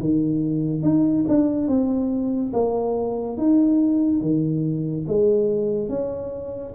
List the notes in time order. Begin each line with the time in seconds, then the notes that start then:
0.00 D#3
0.83 D#4
1.28 D4
1.67 C4
2.53 A#3
3.37 D#4
4.21 D#3
5.07 G#3
5.89 C#4